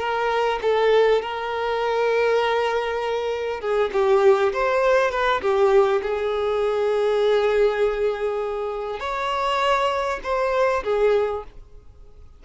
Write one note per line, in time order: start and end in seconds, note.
0.00 0.60 A#4
0.62 1.22 A4
1.22 3.61 A#4
3.61 3.91 G#4
3.93 4.53 G4
4.53 5.11 C5
5.11 5.41 B4
5.42 6.02 G4
6.03 9.00 G#4
9.00 10.20 C#5
10.24 10.84 C5
10.84 11.44 G#4